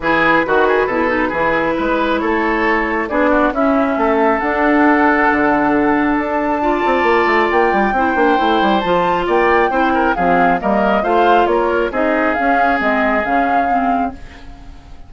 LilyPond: <<
  \new Staff \with { instrumentName = "flute" } { \time 4/4 \tempo 4 = 136 b'1~ | b'4 cis''2 d''4 | e''2 fis''2~ | fis''2 a''2~ |
a''4 g''2. | a''4 g''2 f''4 | dis''4 f''4 cis''4 dis''4 | f''4 dis''4 f''2 | }
  \new Staff \with { instrumentName = "oboe" } { \time 4/4 gis'4 fis'8 gis'8 a'4 gis'4 | b'4 a'2 gis'8 fis'8 | e'4 a'2.~ | a'2. d''4~ |
d''2 c''2~ | c''4 d''4 c''8 ais'8 gis'4 | ais'4 c''4 ais'4 gis'4~ | gis'1 | }
  \new Staff \with { instrumentName = "clarinet" } { \time 4/4 e'4 fis'4 e'8 dis'8 e'4~ | e'2. d'4 | cis'2 d'2~ | d'2. f'4~ |
f'2 e'8 d'8 e'4 | f'2 e'4 c'4 | ais4 f'2 dis'4 | cis'4 c'4 cis'4 c'4 | }
  \new Staff \with { instrumentName = "bassoon" } { \time 4/4 e4 dis4 b,4 e4 | gis4 a2 b4 | cis'4 a4 d'2 | d2 d'4. c'8 |
ais8 a8 ais8 g8 c'8 ais8 a8 g8 | f4 ais4 c'4 f4 | g4 a4 ais4 c'4 | cis'4 gis4 cis2 | }
>>